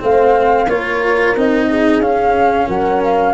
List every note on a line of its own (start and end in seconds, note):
0.00 0.68 A3
0.00 0.67 C4
0.00 0.68 C5
0.00 0.69 F5
0.68 1.34 A#3
0.68 1.37 F4
0.68 1.69 A#4
0.68 1.36 C#5
1.37 2.00 C4
1.37 2.03 D#4
1.37 2.02 D#5
1.70 2.68 G#4
2.00 2.67 C#4
2.00 3.35 C#4
2.00 2.68 F5
2.68 3.35 F#3
2.68 3.34 A#4
2.68 3.02 F#5
3.04 3.35 F5